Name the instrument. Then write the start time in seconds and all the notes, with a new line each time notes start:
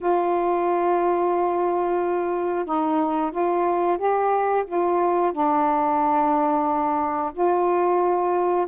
saxophone
0.01 F4
2.65 D#4
3.31 F4
3.97 G4
4.67 F4
5.32 D4
7.33 F4